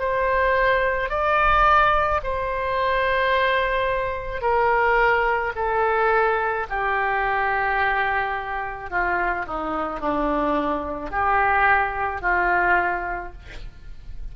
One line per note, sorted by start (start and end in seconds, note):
0.00 1.10 C5
1.10 2.21 D5
2.24 4.42 C5
4.42 5.53 A#4
5.56 6.67 A4
6.70 8.90 G4
8.90 9.46 F4
9.47 10.01 D#4
10.01 11.12 D4
11.12 12.22 G4
12.22 13.33 F4